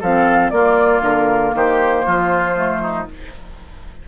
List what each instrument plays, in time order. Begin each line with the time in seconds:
0.00 bassoon F3, clarinet C4, oboe A4, flute F5
0.50 bassoon A#3, clarinet A#3, oboe F4, flute D5
1.01 bassoon D3, flute A#4
1.54 bassoon D#3, oboe G4, flute C5
2.05 bassoon F3, oboe F4
2.55 clarinet A3
2.81 oboe D#4